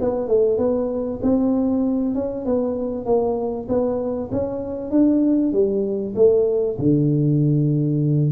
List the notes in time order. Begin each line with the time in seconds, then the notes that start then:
0.00 B3
0.27 A3
0.57 B3
1.22 C4
2.14 C#4
2.45 B3
3.05 A#3
3.68 B3
4.32 C#4
4.90 D4
5.52 G3
6.15 A3
6.78 D3